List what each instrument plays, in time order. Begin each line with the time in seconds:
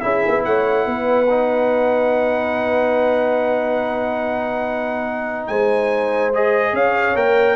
0.00 tuba C#4, trombone E4, horn G#4, trumpet E5
0.27 tuba B3
0.44 tuba A3, horn C#5, trumpet F#5
0.86 tuba B3, horn B4
1.29 trombone D#4
5.47 tuba G#3, horn C5, trumpet G#5
6.34 trombone G#4, trumpet D#5
6.73 tuba C#4, horn C#5, trumpet F5
7.15 tuba A#3, trombone A#4, trumpet G5